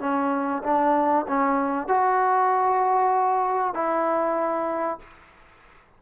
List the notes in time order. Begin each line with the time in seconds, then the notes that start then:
0.00 C#4
0.63 D4
1.28 C#4
1.88 F#4
3.74 E4